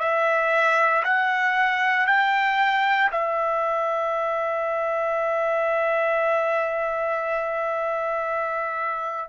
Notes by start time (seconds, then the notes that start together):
0.00 E5
1.04 F#5
2.07 G5
3.12 E5